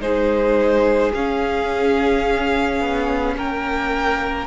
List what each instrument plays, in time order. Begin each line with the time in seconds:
0.00 cello G#3, viola D#4, violin G#4 C5
1.14 cello C#4, viola C#4, violin F5
2.80 cello B3
3.35 cello A#3, violin A#4 G5